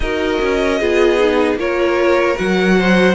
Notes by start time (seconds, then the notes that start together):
0.00 D#4 F#4 A#4 D#5
0.41 C#4
0.79 B3 F4 G#4
1.19 D#4
1.55 A#3 F4 A#4 C#5
2.35 F#3 F#4 F#5
2.78 C5